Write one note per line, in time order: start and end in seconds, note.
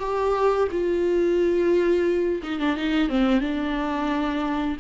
0.00 0.68 G4
0.72 2.42 F4
2.44 2.60 D#4
2.60 2.77 D4
2.77 3.10 D#4
3.10 3.41 C4
3.41 4.78 D4